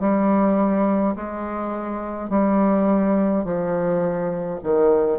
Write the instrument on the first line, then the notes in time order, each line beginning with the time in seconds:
bassoon
0.00 G3
1.15 G#3
2.29 G3
3.44 F3
4.63 D#3